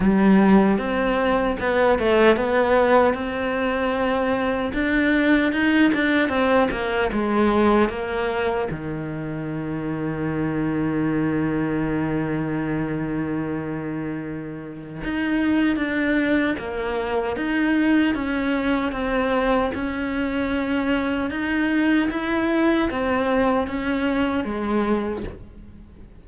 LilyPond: \new Staff \with { instrumentName = "cello" } { \time 4/4 \tempo 4 = 76 g4 c'4 b8 a8 b4 | c'2 d'4 dis'8 d'8 | c'8 ais8 gis4 ais4 dis4~ | dis1~ |
dis2. dis'4 | d'4 ais4 dis'4 cis'4 | c'4 cis'2 dis'4 | e'4 c'4 cis'4 gis4 | }